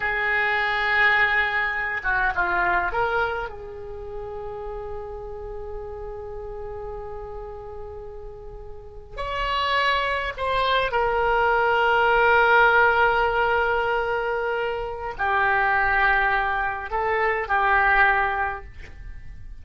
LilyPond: \new Staff \with { instrumentName = "oboe" } { \time 4/4 \tempo 4 = 103 gis'2.~ gis'8 fis'8 | f'4 ais'4 gis'2~ | gis'1~ | gis'2.~ gis'8. cis''16~ |
cis''4.~ cis''16 c''4 ais'4~ ais'16~ | ais'1~ | ais'2 g'2~ | g'4 a'4 g'2 | }